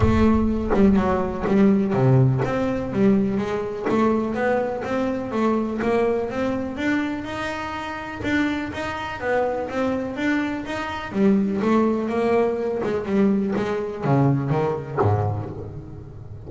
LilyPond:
\new Staff \with { instrumentName = "double bass" } { \time 4/4 \tempo 4 = 124 a4. g8 fis4 g4 | c4 c'4 g4 gis4 | a4 b4 c'4 a4 | ais4 c'4 d'4 dis'4~ |
dis'4 d'4 dis'4 b4 | c'4 d'4 dis'4 g4 | a4 ais4. gis8 g4 | gis4 cis4 dis4 gis,4 | }